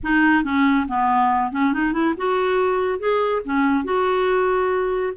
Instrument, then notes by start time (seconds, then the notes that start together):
clarinet
0.03 D#4
0.44 C#4
0.87 B3
1.52 C#4
1.73 D#4
1.92 E4
2.17 F#4
2.99 G#4
3.44 C#4
3.84 F#4